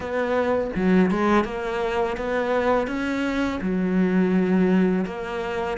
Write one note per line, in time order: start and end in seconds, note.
0.00 0.70 B3
0.75 1.10 F#3
1.10 1.44 G#3
1.44 2.16 A#3
2.17 2.87 B3
2.87 3.59 C#4
3.61 5.05 F#3
5.05 5.77 A#3